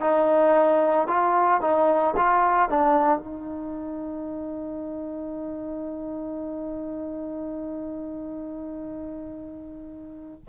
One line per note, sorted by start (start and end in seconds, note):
0.00 1.07 D#4
1.07 1.61 F4
1.61 2.14 D#4
2.16 2.69 F4
2.69 3.18 D4
3.18 10.41 D#4